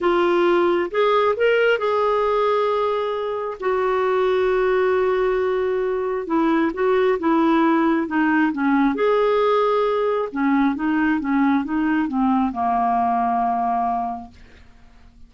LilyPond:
\new Staff \with { instrumentName = "clarinet" } { \time 4/4 \tempo 4 = 134 f'2 gis'4 ais'4 | gis'1 | fis'1~ | fis'2 e'4 fis'4 |
e'2 dis'4 cis'4 | gis'2. cis'4 | dis'4 cis'4 dis'4 c'4 | ais1 | }